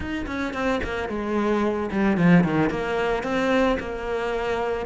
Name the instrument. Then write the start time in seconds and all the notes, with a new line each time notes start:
cello
0.00 D#4
0.26 C#4
0.53 C4
0.83 A#3
1.09 G#3
1.91 G3
2.17 F3
2.43 D#3
2.70 A#3
3.23 C4
3.79 A#3